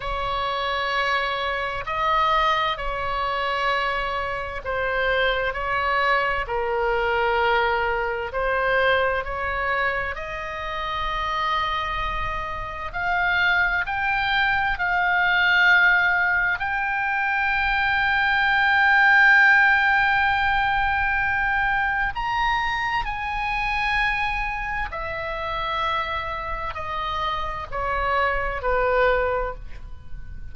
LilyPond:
\new Staff \with { instrumentName = "oboe" } { \time 4/4 \tempo 4 = 65 cis''2 dis''4 cis''4~ | cis''4 c''4 cis''4 ais'4~ | ais'4 c''4 cis''4 dis''4~ | dis''2 f''4 g''4 |
f''2 g''2~ | g''1 | ais''4 gis''2 e''4~ | e''4 dis''4 cis''4 b'4 | }